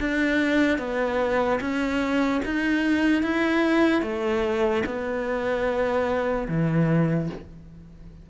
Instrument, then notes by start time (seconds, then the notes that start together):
cello
0.00 D4
0.79 B3
1.61 C#4
2.45 D#4
3.23 E4
4.02 A3
4.86 B3
6.49 E3